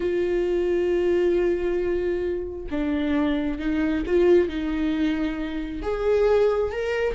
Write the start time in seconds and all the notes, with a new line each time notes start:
0.00 F4
2.70 D4
3.59 D#4
4.06 F4
4.48 D#4
5.82 G#4
6.71 A#4